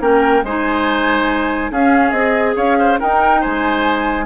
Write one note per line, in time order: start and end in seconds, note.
0.00 0.43 A#3
0.00 0.43 C#4
0.00 0.44 A#4
0.00 0.44 G5
0.43 1.70 G#3
0.43 1.72 D#4
0.43 1.71 C5
0.43 1.72 G#5
1.70 2.12 C#4
1.70 2.15 C#4
1.70 2.56 G#4
1.70 2.10 F5
2.10 2.55 C4
2.10 2.99 G#4
2.10 2.53 D#5
2.56 2.99 C#4
2.56 2.77 C#5
2.56 2.99 F5
2.79 2.99 C5
2.99 4.25 D#4
2.99 3.45 D#4
2.99 3.40 A#4
2.99 3.42 G5
3.40 4.25 G#3
3.40 4.25 C5
3.40 4.25 G#5